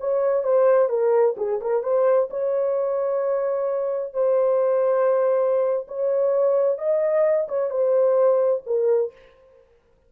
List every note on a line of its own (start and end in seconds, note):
0.00 0.44 C#5
0.44 0.89 C5
0.89 1.36 A#4
1.37 1.60 G#4
1.61 1.83 A#4
1.83 2.29 C5
2.30 4.14 C#5
4.14 5.87 C5
5.88 6.78 C#5
6.78 7.48 D#5
7.48 7.71 C#5
7.71 8.63 C5
8.66 9.13 A#4